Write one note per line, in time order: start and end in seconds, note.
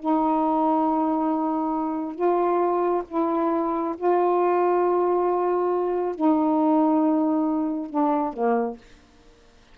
0.00 2.16 D#4
2.16 3.03 F4
3.08 3.96 E4
3.98 6.15 F4
6.15 7.90 D#4
7.90 8.34 D4
8.34 8.77 A#3